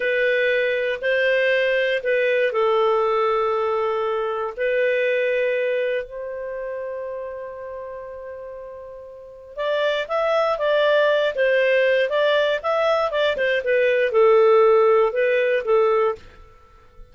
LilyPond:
\new Staff \with { instrumentName = "clarinet" } { \time 4/4 \tempo 4 = 119 b'2 c''2 | b'4 a'2.~ | a'4 b'2. | c''1~ |
c''2. d''4 | e''4 d''4. c''4. | d''4 e''4 d''8 c''8 b'4 | a'2 b'4 a'4 | }